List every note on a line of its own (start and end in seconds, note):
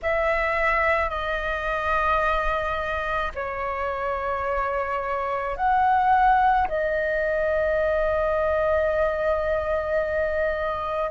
0.02 1.09 E5
1.09 3.31 D#5
3.34 5.56 C#5
5.56 6.67 F#5
6.68 11.10 D#5